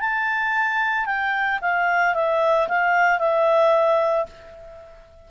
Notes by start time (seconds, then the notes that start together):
0.00 A5
1.06 G5
1.61 F5
2.15 E5
2.68 F5
3.19 E5